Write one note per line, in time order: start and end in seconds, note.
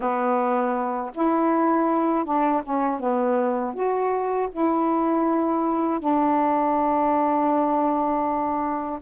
0.00 1.11 B3
1.14 2.25 E4
2.25 2.62 D4
2.63 2.99 C#4
2.99 3.74 B3
3.74 4.49 F#4
4.51 5.99 E4
5.99 8.99 D4